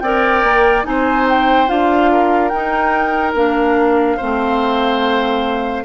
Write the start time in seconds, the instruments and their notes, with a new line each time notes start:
0.00 bassoon C4, clarinet A#4, oboe D5, flute G5
0.43 bassoon A#3
0.84 bassoon C4, clarinet D#4, oboe C5, flute G#5
1.29 flute G5
1.67 bassoon D4, clarinet F4, flute F5
2.12 oboe A#4
2.48 bassoon D#4, clarinet D#4, flute G5
3.34 bassoon A#3, clarinet D4, flute F5
4.17 bassoon A3, clarinet C4, oboe C5